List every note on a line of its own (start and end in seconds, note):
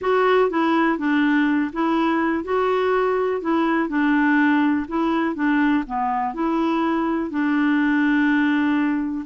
0.01 0.50 F#4
0.50 0.98 E4
0.98 1.71 D4
1.72 2.43 E4
2.43 3.41 F#4
3.41 3.88 E4
3.88 4.86 D4
4.88 5.35 E4
5.35 5.83 D4
5.86 6.34 B3
6.34 7.30 E4
7.30 9.25 D4